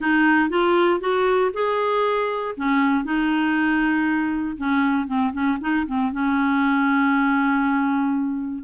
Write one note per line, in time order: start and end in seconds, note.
0.00 0.49 D#4
0.49 1.00 F4
1.00 1.51 F#4
1.53 2.55 G#4
2.56 3.04 C#4
3.04 4.56 D#4
4.57 5.07 C#4
5.07 5.32 C4
5.32 5.58 C#4
5.60 5.86 D#4
5.86 6.11 C4
6.11 8.64 C#4